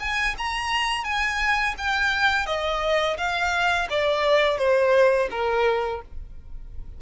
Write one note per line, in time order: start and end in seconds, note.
0.00 0.35 G#5
0.38 1.04 A#5
1.04 1.75 G#5
1.78 2.46 G5
2.46 3.17 D#5
3.17 3.88 F5
3.90 4.58 D5
4.58 5.28 C5
5.31 6.01 A#4